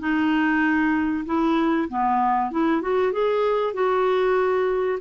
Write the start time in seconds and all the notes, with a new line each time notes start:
0.00 D#4
1.26 E4
1.89 B3
2.51 E4
2.82 F#4
3.12 G#4
3.74 F#4